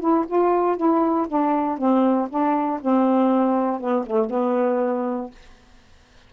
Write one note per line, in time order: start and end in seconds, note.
0.00 0.25 E4
0.27 0.77 F4
0.77 1.27 E4
1.28 1.78 D4
1.78 2.28 C4
2.30 2.80 D4
2.81 3.80 C4
3.80 4.05 B3
4.06 4.30 A3
4.30 5.31 B3